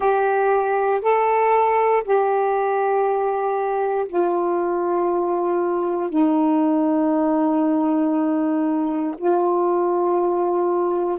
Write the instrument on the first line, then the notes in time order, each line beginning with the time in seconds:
saxophone
0.00 G4
1.01 A4
2.03 G4
4.08 F4
6.10 D#4
9.17 F4